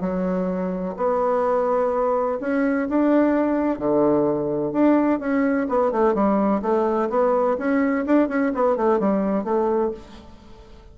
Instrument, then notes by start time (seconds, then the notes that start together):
bassoon
0.00 F#3
0.97 B3
2.40 C#4
2.89 D4
3.78 D3
4.72 D4
5.19 C#4
5.68 B3
5.91 A3
6.14 G3
6.62 A3
7.09 B3
7.58 C#4
8.06 D4
8.28 C#4
8.54 B3
8.76 A3
8.99 G3
9.44 A3